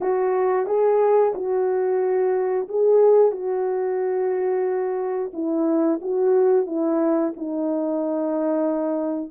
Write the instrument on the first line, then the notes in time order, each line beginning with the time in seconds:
horn
0.00 F#4
0.66 G#4
1.34 F#4
2.68 G#4
3.32 F#4
5.33 E4
6.02 F#4
6.66 E4
7.36 D#4